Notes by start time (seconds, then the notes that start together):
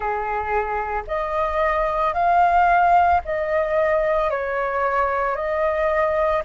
0.00 G#4
1.07 D#5
2.13 F5
3.24 D#5
4.30 C#5
5.35 D#5